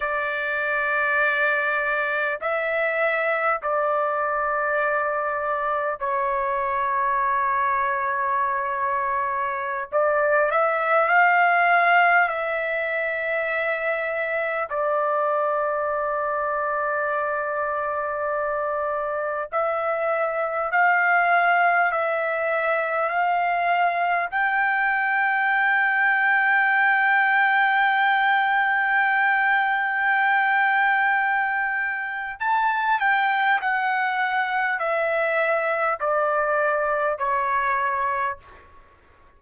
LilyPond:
\new Staff \with { instrumentName = "trumpet" } { \time 4/4 \tempo 4 = 50 d''2 e''4 d''4~ | d''4 cis''2.~ | cis''16 d''8 e''8 f''4 e''4.~ e''16~ | e''16 d''2.~ d''8.~ |
d''16 e''4 f''4 e''4 f''8.~ | f''16 g''2.~ g''8.~ | g''2. a''8 g''8 | fis''4 e''4 d''4 cis''4 | }